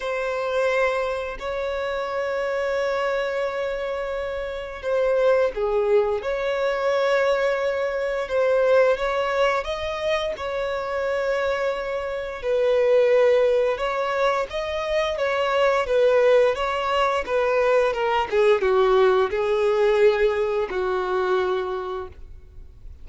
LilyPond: \new Staff \with { instrumentName = "violin" } { \time 4/4 \tempo 4 = 87 c''2 cis''2~ | cis''2. c''4 | gis'4 cis''2. | c''4 cis''4 dis''4 cis''4~ |
cis''2 b'2 | cis''4 dis''4 cis''4 b'4 | cis''4 b'4 ais'8 gis'8 fis'4 | gis'2 fis'2 | }